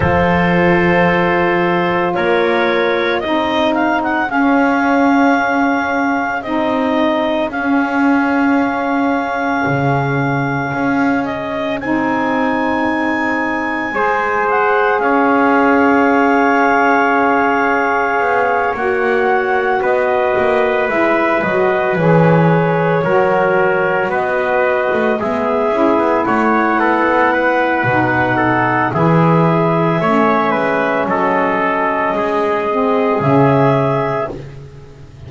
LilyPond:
<<
  \new Staff \with { instrumentName = "clarinet" } { \time 4/4 \tempo 4 = 56 c''2 cis''4 dis''8 f''16 fis''16 | f''2 dis''4 f''4~ | f''2~ f''8 dis''8 gis''4~ | gis''4. fis''8 f''2~ |
f''4. fis''4 dis''4 e''8 | dis''8 cis''2 dis''4 e''8~ | e''8 fis''2~ fis''8 e''4~ | e''4 dis''2 e''4 | }
  \new Staff \with { instrumentName = "trumpet" } { \time 4/4 a'2 ais'4 gis'4~ | gis'1~ | gis'1~ | gis'4 c''4 cis''2~ |
cis''2~ cis''8 b'4.~ | b'4. ais'4 b'4 gis'8~ | gis'8 cis''8 a'8 b'4 a'8 gis'4 | cis''8 b'8 a'4 gis'2 | }
  \new Staff \with { instrumentName = "saxophone" } { \time 4/4 f'2. dis'4 | cis'2 dis'4 cis'4~ | cis'2. dis'4~ | dis'4 gis'2.~ |
gis'4. fis'2 e'8 | fis'8 gis'4 fis'2 b8 | e'2 dis'4 e'4 | cis'2~ cis'8 c'8 cis'4 | }
  \new Staff \with { instrumentName = "double bass" } { \time 4/4 f2 ais4 c'4 | cis'2 c'4 cis'4~ | cis'4 cis4 cis'4 c'4~ | c'4 gis4 cis'2~ |
cis'4 b8 ais4 b8 ais8 gis8 | fis8 e4 fis4 b8. a16 gis8 | cis'16 b16 a8 b4 b,4 e4 | a8 gis8 fis4 gis4 cis4 | }
>>